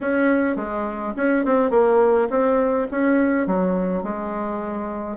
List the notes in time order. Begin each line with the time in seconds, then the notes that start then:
0.01 C#4
0.55 G#3
1.16 C#4
1.45 C4
1.70 A#3
2.29 C4
2.91 C#4
3.46 F#3
4.03 G#3